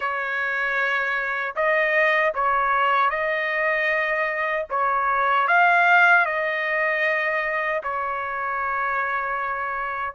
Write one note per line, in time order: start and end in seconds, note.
0.00 1.54 C#5
1.55 2.33 D#5
2.34 3.10 C#5
3.10 4.65 D#5
4.70 5.47 C#5
5.47 6.25 F5
6.26 7.81 D#5
7.83 10.14 C#5